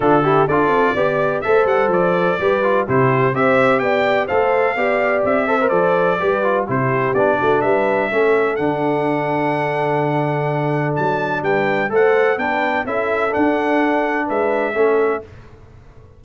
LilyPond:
<<
  \new Staff \with { instrumentName = "trumpet" } { \time 4/4 \tempo 4 = 126 a'4 d''2 e''8 fis''8 | d''2 c''4 e''4 | g''4 f''2 e''4 | d''2 c''4 d''4 |
e''2 fis''2~ | fis''2. a''4 | g''4 fis''4 g''4 e''4 | fis''2 e''2 | }
  \new Staff \with { instrumentName = "horn" } { \time 4/4 f'8 g'8 a'4 d''4 c''4~ | c''4 b'4 g'4 c''4 | d''4 c''4 d''4. c''8~ | c''4 b'4 g'4. fis'8 |
b'4 a'2.~ | a'1 | b'4 c''4 b'4 a'4~ | a'2 b'4 a'4 | }
  \new Staff \with { instrumentName = "trombone" } { \time 4/4 d'8 e'8 f'4 g'4 a'4~ | a'4 g'8 f'8 e'4 g'4~ | g'4 a'4 g'4. a'16 ais'16 | a'4 g'8 f'8 e'4 d'4~ |
d'4 cis'4 d'2~ | d'1~ | d'4 a'4 d'4 e'4 | d'2. cis'4 | }
  \new Staff \with { instrumentName = "tuba" } { \time 4/4 d4 d'8 c'8 b4 a8 g8 | f4 g4 c4 c'4 | b4 a4 b4 c'4 | f4 g4 c4 b8 a8 |
g4 a4 d2~ | d2. fis4 | g4 a4 b4 cis'4 | d'2 gis4 a4 | }
>>